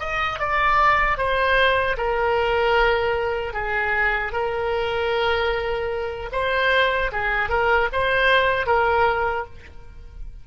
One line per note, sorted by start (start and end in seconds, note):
0.00 0.39 D#5
0.39 1.18 D5
1.18 1.97 C5
1.97 3.53 A#4
3.53 4.32 G#4
4.33 6.30 A#4
6.32 7.11 C5
7.12 7.49 G#4
7.49 7.89 A#4
7.93 8.67 C5
8.67 9.46 A#4